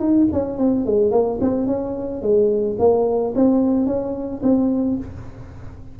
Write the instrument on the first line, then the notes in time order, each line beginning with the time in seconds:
tuba
0.00 D#4
0.33 C#4
0.59 C4
0.86 G#3
1.12 A#3
1.41 C4
1.67 C#4
2.22 G#3
2.79 A#3
3.36 C4
3.87 C#4
4.43 C4